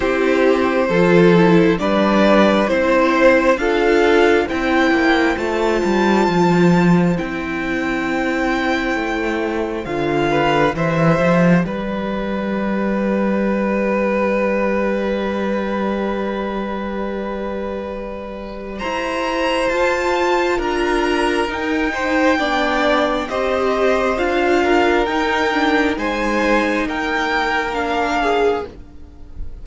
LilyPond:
<<
  \new Staff \with { instrumentName = "violin" } { \time 4/4 \tempo 4 = 67 c''2 d''4 c''4 | f''4 g''4 a''2 | g''2. f''4 | e''4 d''2.~ |
d''1~ | d''4 ais''4 a''4 ais''4 | g''2 dis''4 f''4 | g''4 gis''4 g''4 f''4 | }
  \new Staff \with { instrumentName = "violin" } { \time 4/4 g'4 a'4 b'4 c''4 | a'4 c''2.~ | c''2.~ c''8 b'8 | c''4 b'2.~ |
b'1~ | b'4 c''2 ais'4~ | ais'8 c''8 d''4 c''4. ais'8~ | ais'4 c''4 ais'4. gis'8 | }
  \new Staff \with { instrumentName = "viola" } { \time 4/4 e'4 f'8 e'8 d'4 e'4 | f'4 e'4 f'2 | e'2. f'4 | g'1~ |
g'1~ | g'2 f'2 | dis'4 d'4 g'4 f'4 | dis'8 d'8 dis'2 d'4 | }
  \new Staff \with { instrumentName = "cello" } { \time 4/4 c'4 f4 g4 c'4 | d'4 c'8 ais8 a8 g8 f4 | c'2 a4 d4 | e8 f8 g2.~ |
g1~ | g4 e'4 f'4 d'4 | dis'4 b4 c'4 d'4 | dis'4 gis4 ais2 | }
>>